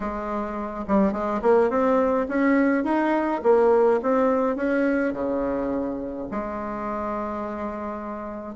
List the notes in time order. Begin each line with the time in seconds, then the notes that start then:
0.00 G#3
0.87 G3
1.12 G#3
1.41 A#3
1.69 C4
2.28 C#4
2.84 D#4
3.43 A#3
4.02 C4
4.56 C#4
5.13 C#3
6.31 G#3